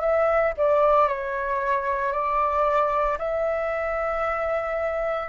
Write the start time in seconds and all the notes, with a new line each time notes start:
0.00 E5
0.57 D5
1.08 C#5
2.12 D5
3.18 E5